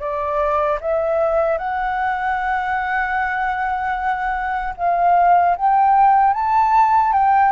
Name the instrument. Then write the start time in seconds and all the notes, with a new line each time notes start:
flute
0.00 D5
0.81 E5
1.58 F#5
4.77 F5
5.57 G5
6.34 A5
7.13 G5